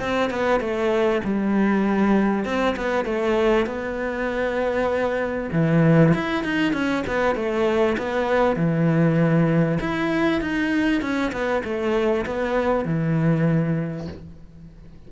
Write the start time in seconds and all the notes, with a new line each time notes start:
0.00 C4
0.30 B3
0.60 A3
1.24 G3
2.45 C4
2.76 B3
3.05 A3
3.66 B3
5.52 E3
6.14 E4
6.44 D#4
6.73 C#4
7.07 B3
7.36 A3
7.98 B3
8.56 E3
9.80 E4
10.41 D#4
11.01 C#4
11.32 B3
11.64 A3
12.26 B3
12.85 E3